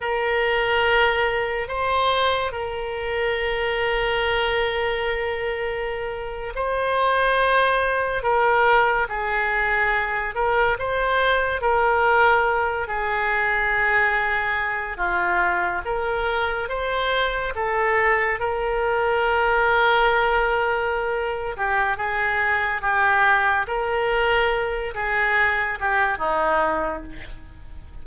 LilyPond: \new Staff \with { instrumentName = "oboe" } { \time 4/4 \tempo 4 = 71 ais'2 c''4 ais'4~ | ais'2.~ ais'8. c''16~ | c''4.~ c''16 ais'4 gis'4~ gis'16~ | gis'16 ais'8 c''4 ais'4. gis'8.~ |
gis'4.~ gis'16 f'4 ais'4 c''16~ | c''8. a'4 ais'2~ ais'16~ | ais'4. g'8 gis'4 g'4 | ais'4. gis'4 g'8 dis'4 | }